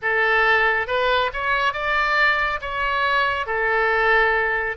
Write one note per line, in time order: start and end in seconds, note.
0.02 0.87 A4
0.87 1.30 B4
1.33 1.73 C#5
1.73 2.60 D5
2.61 3.46 C#5
3.46 4.76 A4